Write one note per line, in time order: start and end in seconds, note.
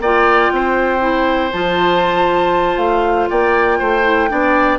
0.00 0.50 A#3
0.00 1.00 F4
0.00 0.52 D5
0.00 1.52 G5
0.52 1.53 C4
0.52 3.30 C5
1.00 1.50 E4
1.52 2.78 F3
1.52 4.04 F4
1.52 2.78 A5
2.78 3.28 A3
2.78 3.28 F5
3.30 3.81 A#3
3.30 3.79 D5
3.30 4.79 G5
3.79 4.31 A3
3.79 4.30 C5
4.04 4.29 E4
4.29 4.79 B3
4.29 4.79 D4
4.29 4.79 D5